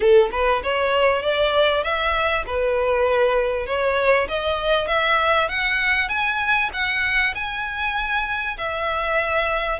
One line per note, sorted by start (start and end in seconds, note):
0.00 0.30 A4
0.31 0.62 B4
0.63 1.22 C#5
1.22 1.83 D5
1.83 2.44 E5
2.46 3.66 B4
3.66 4.27 C#5
4.28 4.87 D#5
4.87 5.48 E5
5.49 6.08 F#5
6.08 6.70 G#5
6.73 7.34 F#5
7.34 8.57 G#5
8.57 9.79 E5